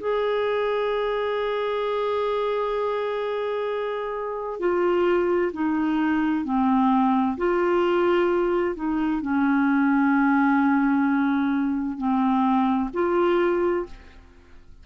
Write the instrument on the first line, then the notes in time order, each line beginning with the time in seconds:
clarinet
0.00 G#4
4.59 F4
5.53 D#4
6.45 C4
7.38 F4
8.76 D#4
9.22 C#4
11.98 C4
12.94 F4